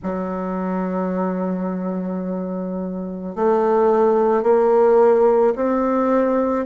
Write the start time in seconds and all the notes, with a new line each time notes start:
0.03 F#3
3.35 A3
4.42 A#3
5.56 C4